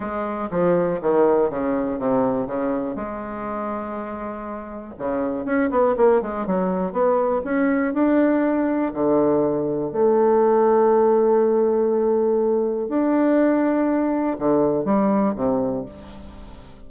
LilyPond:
\new Staff \with { instrumentName = "bassoon" } { \time 4/4 \tempo 4 = 121 gis4 f4 dis4 cis4 | c4 cis4 gis2~ | gis2 cis4 cis'8 b8 | ais8 gis8 fis4 b4 cis'4 |
d'2 d2 | a1~ | a2 d'2~ | d'4 d4 g4 c4 | }